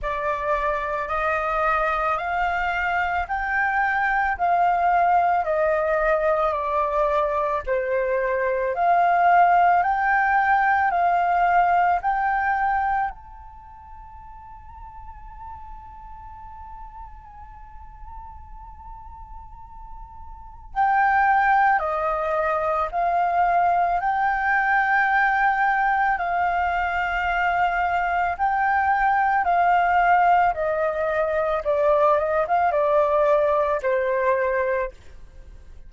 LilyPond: \new Staff \with { instrumentName = "flute" } { \time 4/4 \tempo 4 = 55 d''4 dis''4 f''4 g''4 | f''4 dis''4 d''4 c''4 | f''4 g''4 f''4 g''4 | a''1~ |
a''2. g''4 | dis''4 f''4 g''2 | f''2 g''4 f''4 | dis''4 d''8 dis''16 f''16 d''4 c''4 | }